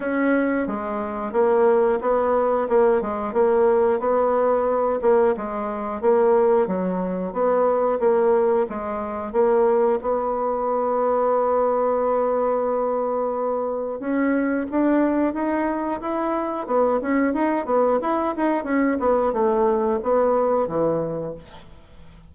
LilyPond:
\new Staff \with { instrumentName = "bassoon" } { \time 4/4 \tempo 4 = 90 cis'4 gis4 ais4 b4 | ais8 gis8 ais4 b4. ais8 | gis4 ais4 fis4 b4 | ais4 gis4 ais4 b4~ |
b1~ | b4 cis'4 d'4 dis'4 | e'4 b8 cis'8 dis'8 b8 e'8 dis'8 | cis'8 b8 a4 b4 e4 | }